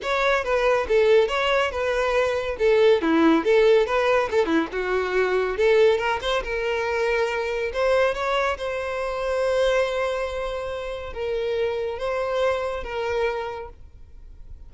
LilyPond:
\new Staff \with { instrumentName = "violin" } { \time 4/4 \tempo 4 = 140 cis''4 b'4 a'4 cis''4 | b'2 a'4 e'4 | a'4 b'4 a'8 e'8 fis'4~ | fis'4 a'4 ais'8 c''8 ais'4~ |
ais'2 c''4 cis''4 | c''1~ | c''2 ais'2 | c''2 ais'2 | }